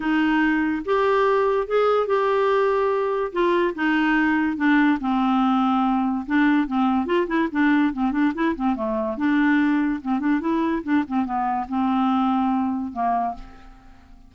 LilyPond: \new Staff \with { instrumentName = "clarinet" } { \time 4/4 \tempo 4 = 144 dis'2 g'2 | gis'4 g'2. | f'4 dis'2 d'4 | c'2. d'4 |
c'4 f'8 e'8 d'4 c'8 d'8 | e'8 c'8 a4 d'2 | c'8 d'8 e'4 d'8 c'8 b4 | c'2. ais4 | }